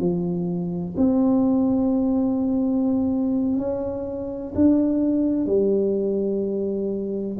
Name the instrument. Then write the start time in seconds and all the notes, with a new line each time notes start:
tuba
0.00 F3
0.97 C4
3.58 C#4
4.55 D4
5.47 G3